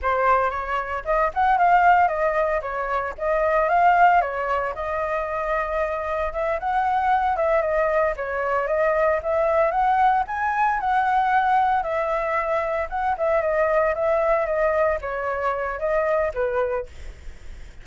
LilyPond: \new Staff \with { instrumentName = "flute" } { \time 4/4 \tempo 4 = 114 c''4 cis''4 dis''8 fis''8 f''4 | dis''4 cis''4 dis''4 f''4 | cis''4 dis''2. | e''8 fis''4. e''8 dis''4 cis''8~ |
cis''8 dis''4 e''4 fis''4 gis''8~ | gis''8 fis''2 e''4.~ | e''8 fis''8 e''8 dis''4 e''4 dis''8~ | dis''8 cis''4. dis''4 b'4 | }